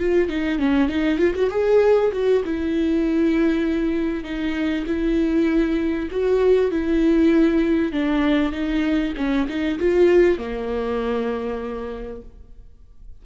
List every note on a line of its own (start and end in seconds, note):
0.00 0.29 F4
0.29 0.59 D#4
0.59 0.89 C#4
0.89 1.19 D#4
1.19 1.34 F4
1.36 1.51 F#4
1.51 2.12 G#4
2.13 2.44 F#4
2.45 4.24 E4
4.24 4.86 D#4
4.87 6.09 E4
6.11 6.72 F#4
6.72 7.93 E4
7.93 8.53 D4
8.53 9.14 D#4
9.17 9.48 C#4
9.49 9.79 D#4
9.80 10.39 F4
10.39 12.22 A#3